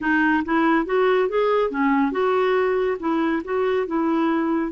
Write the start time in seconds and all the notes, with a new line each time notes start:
0.00 D#4
0.44 E4
0.85 F#4
1.29 G#4
1.70 C#4
2.11 F#4
2.99 E4
3.44 F#4
3.86 E4